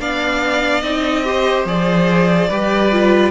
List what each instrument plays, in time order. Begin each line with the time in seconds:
0.00 cello B3, viola D4, violin D5 F5
0.81 cello C4, viola D#4, violin D#5
1.24 viola G4, violin C5
1.65 cello F3, viola G#4, violin D5
2.49 cello G3, viola G4, violin B4
2.91 viola F4